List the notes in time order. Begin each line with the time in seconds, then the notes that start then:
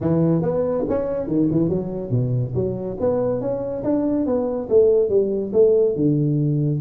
0.01 E3
0.42 B3
0.88 C#4
1.27 D#3
1.51 E3
1.69 F#3
2.10 B2
2.54 F#3
3.00 B3
3.40 C#4
3.83 D4
4.26 B3
4.69 A3
5.09 G3
5.53 A3
5.95 D3